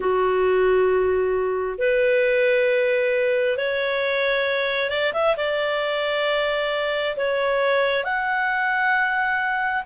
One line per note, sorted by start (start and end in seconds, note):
0.00 1.78 F#4
1.78 3.57 B4
3.57 4.90 C#5
4.90 5.12 D5
5.13 5.35 E5
5.36 7.16 D5
7.16 8.04 C#5
8.04 9.83 F#5